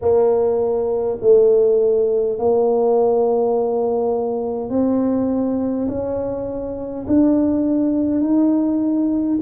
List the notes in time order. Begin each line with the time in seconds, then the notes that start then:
0.01 A#3
1.21 A3
2.39 A#3
4.70 C4
5.88 C#4
7.07 D4
8.21 D#4